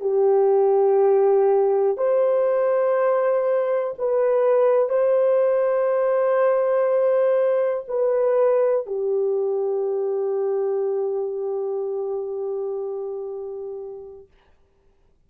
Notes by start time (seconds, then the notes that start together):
0.00 G4
1.97 C5
3.98 B4
4.89 C5
7.88 B4
8.86 G4